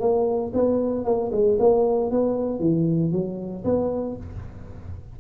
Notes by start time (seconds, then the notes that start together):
0.00 A#3
0.54 B3
1.05 A#3
1.32 G#3
1.59 A#3
2.11 B3
2.60 E3
3.12 F#3
3.65 B3